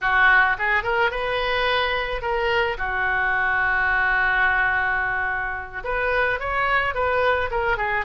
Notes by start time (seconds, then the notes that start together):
0.01 F#4
0.58 G#4
0.83 A#4
1.10 B4
2.21 A#4
2.78 F#4
5.84 B4
6.39 C#5
6.94 B4
7.51 A#4
7.77 G#4